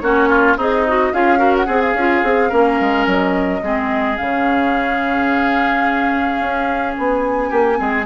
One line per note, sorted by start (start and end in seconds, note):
0.00 0.57 A#3
0.00 0.58 C#4
0.00 0.29 F#4
0.00 0.56 C#5
0.29 0.57 F4
0.57 1.12 C4
0.57 1.13 D#4
0.57 0.86 G#4
0.57 1.14 D#5
0.87 1.13 F#4
1.13 1.67 C#4
1.13 1.37 F4
1.13 1.38 G#4
1.13 1.55 F5
1.37 1.65 F#4
1.37 1.66 A#4
1.57 1.82 F#5
1.66 1.94 C4
1.66 2.49 G#4
1.66 1.97 G#4
1.82 3.07 F5
1.94 2.22 C#4
1.94 2.25 F4
2.23 2.51 C4
2.23 2.51 G#4
2.49 2.80 A#3
2.49 3.62 C#4
2.49 3.60 A#4
2.80 3.06 G#3
3.06 3.62 F#3
3.06 4.17 D#5
3.62 4.18 G#3
3.62 4.18 C4
3.62 7.49 G#4
4.17 6.40 C#3
4.17 7.75 C#4
4.17 6.95 F5
6.40 6.95 C#4
6.97 7.51 B3
6.97 8.06 G#5
7.49 7.79 A#3
7.49 7.77 G4
7.75 8.06 G#3
7.75 8.03 C4
7.75 8.06 G#4